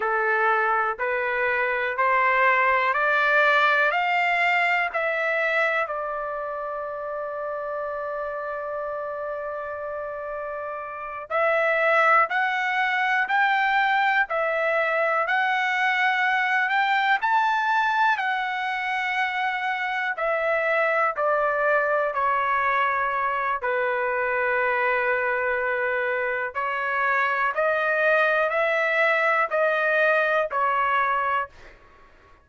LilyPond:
\new Staff \with { instrumentName = "trumpet" } { \time 4/4 \tempo 4 = 61 a'4 b'4 c''4 d''4 | f''4 e''4 d''2~ | d''2.~ d''8 e''8~ | e''8 fis''4 g''4 e''4 fis''8~ |
fis''4 g''8 a''4 fis''4.~ | fis''8 e''4 d''4 cis''4. | b'2. cis''4 | dis''4 e''4 dis''4 cis''4 | }